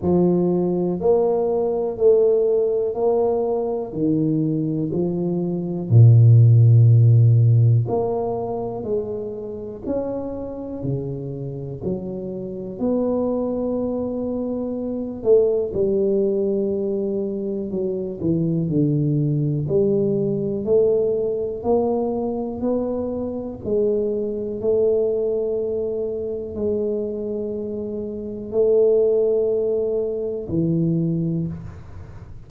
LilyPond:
\new Staff \with { instrumentName = "tuba" } { \time 4/4 \tempo 4 = 61 f4 ais4 a4 ais4 | dis4 f4 ais,2 | ais4 gis4 cis'4 cis4 | fis4 b2~ b8 a8 |
g2 fis8 e8 d4 | g4 a4 ais4 b4 | gis4 a2 gis4~ | gis4 a2 e4 | }